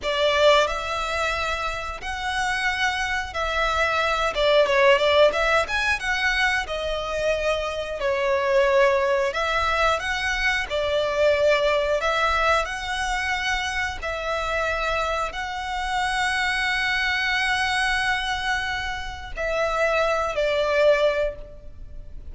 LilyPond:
\new Staff \with { instrumentName = "violin" } { \time 4/4 \tempo 4 = 90 d''4 e''2 fis''4~ | fis''4 e''4. d''8 cis''8 d''8 | e''8 gis''8 fis''4 dis''2 | cis''2 e''4 fis''4 |
d''2 e''4 fis''4~ | fis''4 e''2 fis''4~ | fis''1~ | fis''4 e''4. d''4. | }